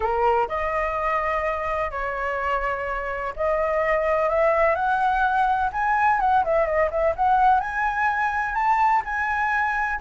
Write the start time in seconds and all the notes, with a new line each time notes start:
0.00 A#4
0.48 D#5
1.90 C#5
3.35 D#5
4.29 E5
4.75 F#5
5.72 G#5
6.20 F#5
6.44 E5
6.66 D#5
6.90 E5
7.16 F#5
7.60 G#5
8.55 A5
9.04 G#5